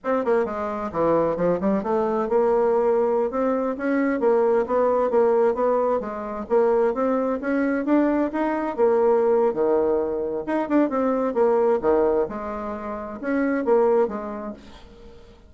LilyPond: \new Staff \with { instrumentName = "bassoon" } { \time 4/4 \tempo 4 = 132 c'8 ais8 gis4 e4 f8 g8 | a4 ais2~ ais16 c'8.~ | c'16 cis'4 ais4 b4 ais8.~ | ais16 b4 gis4 ais4 c'8.~ |
c'16 cis'4 d'4 dis'4 ais8.~ | ais4 dis2 dis'8 d'8 | c'4 ais4 dis4 gis4~ | gis4 cis'4 ais4 gis4 | }